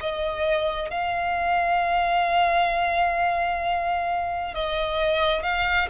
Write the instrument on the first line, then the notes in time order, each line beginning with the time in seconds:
violin
0.00 D#5
0.90 F5
4.55 D#5
5.43 F5